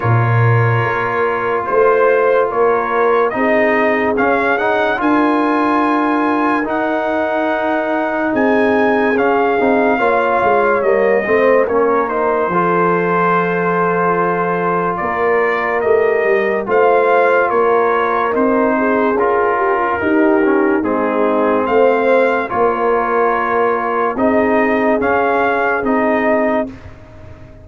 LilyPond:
<<
  \new Staff \with { instrumentName = "trumpet" } { \time 4/4 \tempo 4 = 72 cis''2 c''4 cis''4 | dis''4 f''8 fis''8 gis''2 | fis''2 gis''4 f''4~ | f''4 dis''4 cis''8 c''4.~ |
c''2 d''4 dis''4 | f''4 cis''4 c''4 ais'4~ | ais'4 gis'4 f''4 cis''4~ | cis''4 dis''4 f''4 dis''4 | }
  \new Staff \with { instrumentName = "horn" } { \time 4/4 ais'2 c''4 ais'4 | gis'2 ais'2~ | ais'2 gis'2 | cis''4. c''8 ais'4 a'4~ |
a'2 ais'2 | c''4 ais'4. gis'4 g'16 f'16 | g'4 dis'4 c''4 ais'4~ | ais'4 gis'2. | }
  \new Staff \with { instrumentName = "trombone" } { \time 4/4 f'1 | dis'4 cis'8 dis'8 f'2 | dis'2. cis'8 dis'8 | f'4 ais8 c'8 cis'8 dis'8 f'4~ |
f'2. g'4 | f'2 dis'4 f'4 | dis'8 cis'8 c'2 f'4~ | f'4 dis'4 cis'4 dis'4 | }
  \new Staff \with { instrumentName = "tuba" } { \time 4/4 ais,4 ais4 a4 ais4 | c'4 cis'4 d'2 | dis'2 c'4 cis'8 c'8 | ais8 gis8 g8 a8 ais4 f4~ |
f2 ais4 a8 g8 | a4 ais4 c'4 cis'4 | dis'4 gis4 a4 ais4~ | ais4 c'4 cis'4 c'4 | }
>>